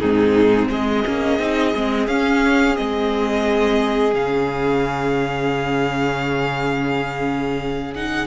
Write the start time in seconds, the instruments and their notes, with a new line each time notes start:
0.00 cello G#2, viola C4, violin D#4 G#4
0.69 cello G#3, violin G#4 D#5
1.06 cello A#3, viola C#4
1.39 cello C4, viola D#4
1.76 cello G#3, viola C4
2.08 cello C#4, viola C#4, violin F5
2.77 cello G#3, viola C4, violin D#5
4.14 cello C#3, viola C#4, violin F5
7.95 viola D#4, violin F#5